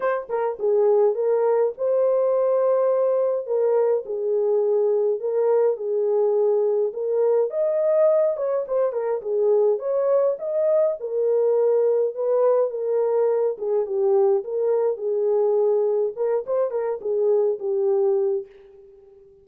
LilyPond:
\new Staff \with { instrumentName = "horn" } { \time 4/4 \tempo 4 = 104 c''8 ais'8 gis'4 ais'4 c''4~ | c''2 ais'4 gis'4~ | gis'4 ais'4 gis'2 | ais'4 dis''4. cis''8 c''8 ais'8 |
gis'4 cis''4 dis''4 ais'4~ | ais'4 b'4 ais'4. gis'8 | g'4 ais'4 gis'2 | ais'8 c''8 ais'8 gis'4 g'4. | }